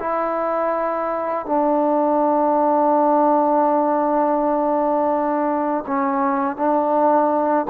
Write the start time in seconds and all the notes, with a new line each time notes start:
0.00 E4
1.46 D4
5.87 C#4
6.57 D4